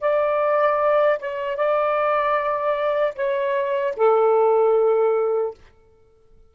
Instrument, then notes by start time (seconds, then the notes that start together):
saxophone
0.00 D5
1.19 C#5
1.56 D5
3.15 C#5
3.96 A4